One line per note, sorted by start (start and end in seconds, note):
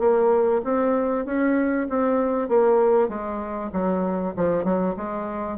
0.00 0.62 A#3
0.65 1.26 C4
1.26 1.88 C#4
1.90 2.49 C4
2.49 3.09 A#3
3.09 3.71 G#3
3.73 4.35 F#3
4.37 4.64 F3
4.64 4.95 F#3
4.97 5.58 G#3